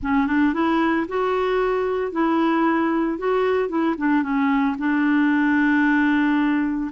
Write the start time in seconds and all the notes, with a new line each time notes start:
0.02 C#4
0.27 D4
0.53 E4
1.07 F#4
2.12 E4
3.18 F#4
3.68 E4
3.97 D4
4.22 C#4
4.78 D4